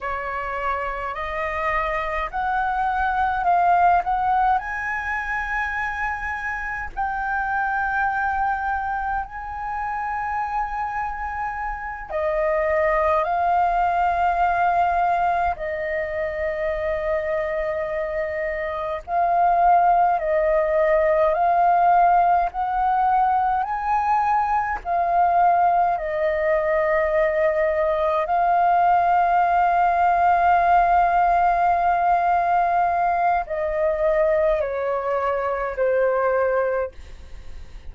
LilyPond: \new Staff \with { instrumentName = "flute" } { \time 4/4 \tempo 4 = 52 cis''4 dis''4 fis''4 f''8 fis''8 | gis''2 g''2 | gis''2~ gis''8 dis''4 f''8~ | f''4. dis''2~ dis''8~ |
dis''8 f''4 dis''4 f''4 fis''8~ | fis''8 gis''4 f''4 dis''4.~ | dis''8 f''2.~ f''8~ | f''4 dis''4 cis''4 c''4 | }